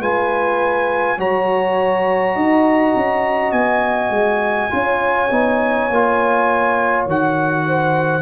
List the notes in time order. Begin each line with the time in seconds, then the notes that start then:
0.00 G#3 F4 B4 G#5
1.18 F#3 F#4 C#5 A#5
2.36 D#4 D#5
2.96 C#4
3.52 B3 G#5
4.10 G#3
4.71 C#4 F4 C#5
5.31 B3 D#4
5.89 A#3 F4
7.06 D#3 F#4 F#5
7.67 C5